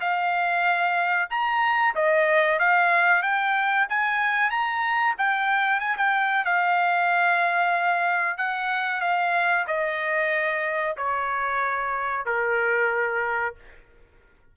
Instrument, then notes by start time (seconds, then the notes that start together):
trumpet
0.00 F5
1.30 A#5
1.95 D#5
2.59 F5
3.23 G5
3.89 G#5
4.50 A#5
5.18 G5
5.80 G#5
5.97 G5
6.45 F5
8.38 F#5
9.01 F5
9.67 D#5
10.97 C#5
12.26 A#4